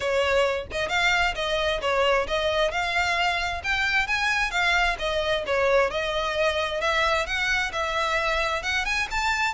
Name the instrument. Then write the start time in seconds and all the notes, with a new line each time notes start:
violin
0.00 C#5
0.71 D#5
0.88 F5
1.35 D#5
1.81 C#5
2.27 D#5
2.71 F5
3.63 G5
4.07 G#5
4.50 F5
4.99 D#5
5.46 C#5
5.90 D#5
6.80 E5
7.26 F#5
7.72 E5
8.63 F#5
8.85 G#5
9.10 A5